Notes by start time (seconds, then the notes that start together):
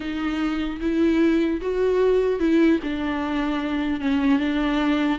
0.00 D#4
0.80 E4
1.61 F#4
2.39 E4
2.83 D4
4.00 C#4
4.39 D4